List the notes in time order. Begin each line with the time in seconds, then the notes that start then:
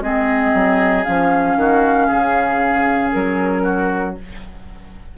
0.00 G#3 C4 G#4 D#5
0.54 F#3
1.04 F3 C#4 F5
1.56 D#3 F#4
2.08 C#3 G#4
3.11 F#3 A#4
3.63 F#4